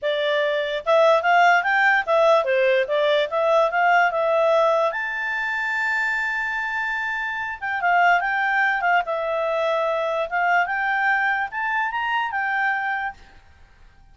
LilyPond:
\new Staff \with { instrumentName = "clarinet" } { \time 4/4 \tempo 4 = 146 d''2 e''4 f''4 | g''4 e''4 c''4 d''4 | e''4 f''4 e''2 | a''1~ |
a''2~ a''8 g''8 f''4 | g''4. f''8 e''2~ | e''4 f''4 g''2 | a''4 ais''4 g''2 | }